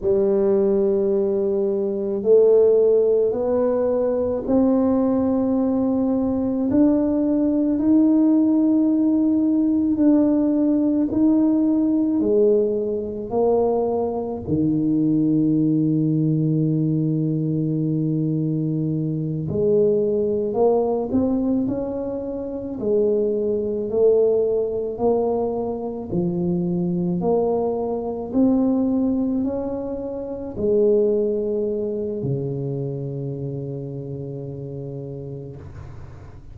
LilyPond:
\new Staff \with { instrumentName = "tuba" } { \time 4/4 \tempo 4 = 54 g2 a4 b4 | c'2 d'4 dis'4~ | dis'4 d'4 dis'4 gis4 | ais4 dis2.~ |
dis4. gis4 ais8 c'8 cis'8~ | cis'8 gis4 a4 ais4 f8~ | f8 ais4 c'4 cis'4 gis8~ | gis4 cis2. | }